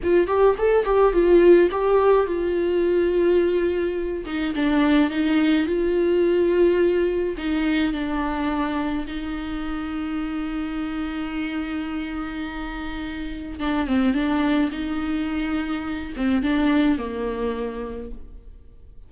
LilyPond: \new Staff \with { instrumentName = "viola" } { \time 4/4 \tempo 4 = 106 f'8 g'8 a'8 g'8 f'4 g'4 | f'2.~ f'8 dis'8 | d'4 dis'4 f'2~ | f'4 dis'4 d'2 |
dis'1~ | dis'1 | d'8 c'8 d'4 dis'2~ | dis'8 c'8 d'4 ais2 | }